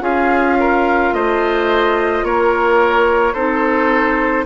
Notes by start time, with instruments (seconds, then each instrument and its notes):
0.00 bassoon C#4, clarinet F4, oboe G#4, flute F5
0.59 oboe A#4
1.13 bassoon A3, oboe C5, flute D#5
2.23 bassoon A#3, oboe A#4, flute C#5
3.33 bassoon C4, clarinet D#4, oboe A4, flute C5